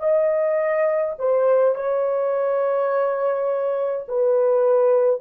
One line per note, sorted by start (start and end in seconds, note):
0.00 1.15 D#5
1.19 1.75 C5
1.75 4.06 C#5
4.09 5.21 B4